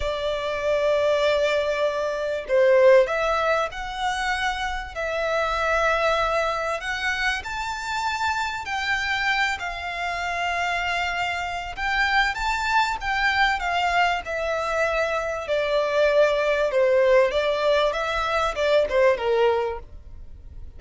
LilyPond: \new Staff \with { instrumentName = "violin" } { \time 4/4 \tempo 4 = 97 d''1 | c''4 e''4 fis''2 | e''2. fis''4 | a''2 g''4. f''8~ |
f''2. g''4 | a''4 g''4 f''4 e''4~ | e''4 d''2 c''4 | d''4 e''4 d''8 c''8 ais'4 | }